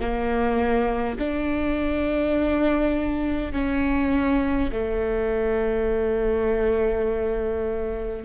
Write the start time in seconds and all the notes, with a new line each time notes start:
0.00 A#3
1.18 D4
3.52 C#4
4.71 A3